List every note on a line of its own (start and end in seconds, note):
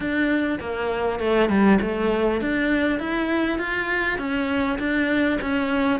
0.00 0.59 D4
0.60 1.19 A#3
1.19 1.49 A3
1.49 1.79 G3
1.81 2.41 A3
2.41 2.99 D4
2.99 3.58 E4
3.58 4.18 F4
4.18 4.78 C#4
4.78 5.38 D4
5.41 6.00 C#4